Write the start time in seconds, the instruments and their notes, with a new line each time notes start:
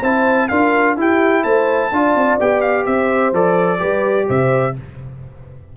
0.00 tuba C4, trombone E4, horn C5, trumpet A5
0.48 tuba D4, trombone F4, horn A#4, trumpet F5
0.97 trombone E4, tuba E4, horn G4, trumpet G5
1.43 tuba A3, horn C5, trumpet A5
1.91 tuba D4, trombone F4, horn D5
2.15 tuba C4
2.39 tuba B3, trombone G4, trumpet G5
2.61 trumpet F5
2.85 tuba C4, horn C5, trumpet E5
3.32 tuba F3, trombone A4, trumpet D5
3.78 tuba G3, trombone G4, horn B4
4.27 tuba C3, horn C5, trumpet E5